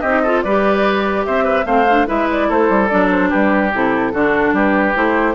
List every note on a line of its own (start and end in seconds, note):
0.00 0.44 C4
0.00 0.25 D#4
0.00 0.21 G4
0.00 0.41 D#5
0.23 0.46 F4
0.23 0.43 A4
0.42 1.26 G3
0.42 1.65 G4
0.42 1.26 B4
0.42 1.24 D5
1.25 1.65 C4
1.25 1.44 C5
1.25 1.66 E5
1.44 1.65 B4
1.65 2.06 A3
1.65 1.85 C4
1.65 2.07 C5
1.65 2.07 F5
1.90 2.06 D4
2.06 2.49 G#3
2.06 2.89 E4
2.06 2.48 B4
2.06 2.29 E5
2.31 2.50 D5
2.48 2.69 A3
2.48 3.29 A4
2.48 2.87 C5
2.69 2.90 G3
2.87 3.33 F#3
2.87 3.72 D4
2.87 3.08 D5
3.11 3.30 C5
3.29 3.74 G3
3.29 4.11 G4
3.29 3.71 B4
3.73 4.14 C3
3.73 4.14 E4
3.73 4.56 A4
4.13 4.52 D3
4.13 4.94 D4
4.13 4.54 F#4
4.52 4.93 G3
4.52 5.35 G4
4.52 4.96 B4
4.94 5.35 A3
4.94 5.35 E4
4.94 5.35 C5